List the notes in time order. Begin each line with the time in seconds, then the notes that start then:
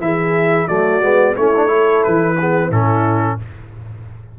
0.00 E3 E4 G#4 E5
0.68 F#3 A3 F#4 D5
1.01 G#3 B3
1.36 A3 C#4 E4 C#5
1.56 D4
1.67 E4 A4
2.03 E3 B4
2.38 B3 G#4
2.68 A2 C#4 E4 A4